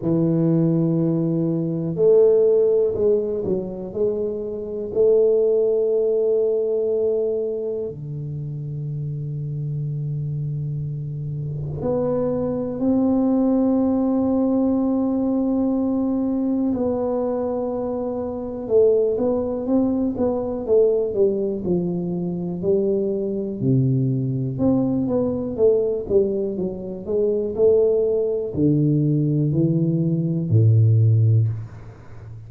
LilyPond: \new Staff \with { instrumentName = "tuba" } { \time 4/4 \tempo 4 = 61 e2 a4 gis8 fis8 | gis4 a2. | d1 | b4 c'2.~ |
c'4 b2 a8 b8 | c'8 b8 a8 g8 f4 g4 | c4 c'8 b8 a8 g8 fis8 gis8 | a4 d4 e4 a,4 | }